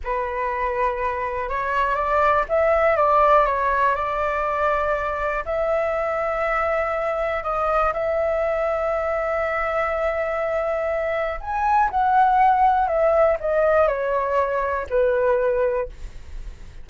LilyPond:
\new Staff \with { instrumentName = "flute" } { \time 4/4 \tempo 4 = 121 b'2. cis''4 | d''4 e''4 d''4 cis''4 | d''2. e''4~ | e''2. dis''4 |
e''1~ | e''2. gis''4 | fis''2 e''4 dis''4 | cis''2 b'2 | }